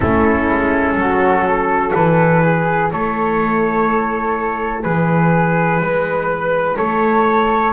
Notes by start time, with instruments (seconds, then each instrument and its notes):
0.00 double bass A3, saxophone C#4, flute E4, trumpet A4
0.48 double bass G#3
0.95 double bass F#3, flute F#4
1.48 flute A4
1.91 double bass E3, saxophone E4, trumpet B4
2.42 flute G#4
2.91 double bass A3, flute A4, trumpet C#5
4.82 double bass E3, flute G#4, trumpet B4
5.80 double bass G#3, flute B4
6.76 double bass A3, flute A4, trumpet C#5